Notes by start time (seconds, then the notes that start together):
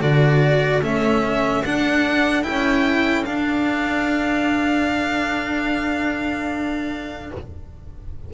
0.00 D3 F#4 A4 D5
0.82 A3 C#4 E5
1.65 D4 F#5
2.43 C#4 E4 G5
3.25 D4 F5